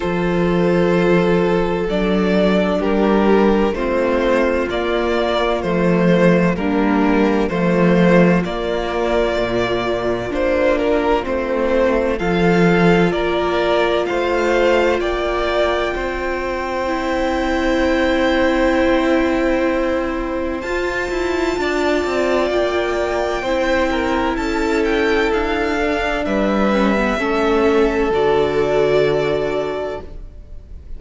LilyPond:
<<
  \new Staff \with { instrumentName = "violin" } { \time 4/4 \tempo 4 = 64 c''2 d''4 ais'4 | c''4 d''4 c''4 ais'4 | c''4 d''2 c''8 ais'8 | c''4 f''4 d''4 f''4 |
g''1~ | g''2 a''2 | g''2 a''8 g''8 f''4 | e''2 d''2 | }
  \new Staff \with { instrumentName = "violin" } { \time 4/4 a'2. g'4 | f'2. d'4 | f'1~ | f'4 a'4 ais'4 c''4 |
d''4 c''2.~ | c''2. d''4~ | d''4 c''8 ais'8 a'2 | b'4 a'2. | }
  \new Staff \with { instrumentName = "viola" } { \time 4/4 f'2 d'2 | c'4 ais4 a4 ais4 | a4 ais2 d'4 | c'4 f'2.~ |
f'2 e'2~ | e'2 f'2~ | f'4 e'2~ e'8 d'8~ | d'8 cis'16 b16 cis'4 fis'2 | }
  \new Staff \with { instrumentName = "cello" } { \time 4/4 f2 fis4 g4 | a4 ais4 f4 g4 | f4 ais4 ais,4 ais4 | a4 f4 ais4 a4 |
ais4 c'2.~ | c'2 f'8 e'8 d'8 c'8 | ais4 c'4 cis'4 d'4 | g4 a4 d2 | }
>>